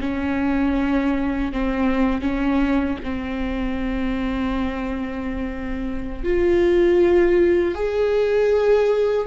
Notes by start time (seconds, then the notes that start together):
0.00 C#4
1.52 C4
2.21 C#4
3.03 C4
6.23 F4
7.74 G#4